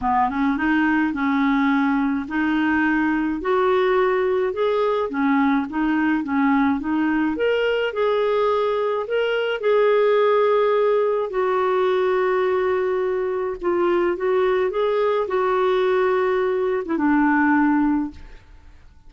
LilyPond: \new Staff \with { instrumentName = "clarinet" } { \time 4/4 \tempo 4 = 106 b8 cis'8 dis'4 cis'2 | dis'2 fis'2 | gis'4 cis'4 dis'4 cis'4 | dis'4 ais'4 gis'2 |
ais'4 gis'2. | fis'1 | f'4 fis'4 gis'4 fis'4~ | fis'4.~ fis'16 e'16 d'2 | }